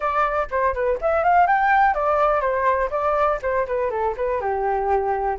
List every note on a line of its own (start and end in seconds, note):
0.00 0.47 D5
0.50 0.74 C5
0.74 0.98 B4
1.01 1.23 E5
1.23 1.46 F5
1.46 1.94 G5
1.94 2.40 D5
2.40 2.89 C5
2.90 3.39 D5
3.42 3.66 C5
3.66 3.90 B4
3.90 4.15 A4
4.16 4.41 B4
4.41 5.38 G4